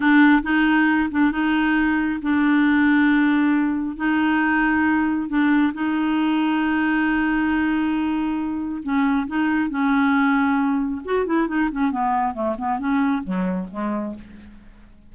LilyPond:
\new Staff \with { instrumentName = "clarinet" } { \time 4/4 \tempo 4 = 136 d'4 dis'4. d'8 dis'4~ | dis'4 d'2.~ | d'4 dis'2. | d'4 dis'2.~ |
dis'1 | cis'4 dis'4 cis'2~ | cis'4 fis'8 e'8 dis'8 cis'8 b4 | a8 b8 cis'4 fis4 gis4 | }